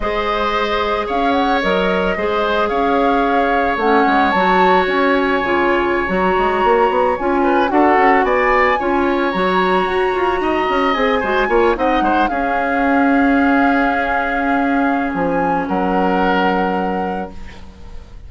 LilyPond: <<
  \new Staff \with { instrumentName = "flute" } { \time 4/4 \tempo 4 = 111 dis''2 f''8 fis''8 dis''4~ | dis''4 f''2 fis''4 | a''4 gis''2~ gis''16 ais''8.~ | ais''4~ ais''16 gis''4 fis''4 gis''8.~ |
gis''4~ gis''16 ais''2~ ais''8.~ | ais''16 gis''4. fis''4 f''4~ f''16~ | f''1 | gis''4 fis''2. | }
  \new Staff \with { instrumentName = "oboe" } { \time 4/4 c''2 cis''2 | c''4 cis''2.~ | cis''1~ | cis''4.~ cis''16 b'8 a'4 d''8.~ |
d''16 cis''2. dis''8.~ | dis''8. c''8 cis''8 dis''8 c''8 gis'4~ gis'16~ | gis'1~ | gis'4 ais'2. | }
  \new Staff \with { instrumentName = "clarinet" } { \time 4/4 gis'2. ais'4 | gis'2. cis'4 | fis'2 f'4~ f'16 fis'8.~ | fis'4~ fis'16 f'4 fis'4.~ fis'16~ |
fis'16 f'4 fis'2~ fis'8.~ | fis'16 gis'8 fis'8 f'8 dis'4 cis'4~ cis'16~ | cis'1~ | cis'1 | }
  \new Staff \with { instrumentName = "bassoon" } { \time 4/4 gis2 cis'4 fis4 | gis4 cis'2 a8 gis8 | fis4 cis'4 cis4~ cis16 fis8 gis16~ | gis16 ais8 b8 cis'4 d'8 cis'8 b8.~ |
b16 cis'4 fis4 fis'8 f'8 dis'8 cis'16~ | cis'16 c'8 gis8 ais8 c'8 gis8 cis'4~ cis'16~ | cis'1 | f4 fis2. | }
>>